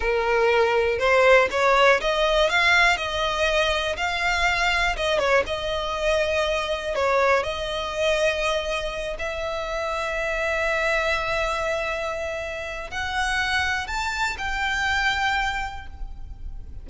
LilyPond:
\new Staff \with { instrumentName = "violin" } { \time 4/4 \tempo 4 = 121 ais'2 c''4 cis''4 | dis''4 f''4 dis''2 | f''2 dis''8 cis''8 dis''4~ | dis''2 cis''4 dis''4~ |
dis''2~ dis''8 e''4.~ | e''1~ | e''2 fis''2 | a''4 g''2. | }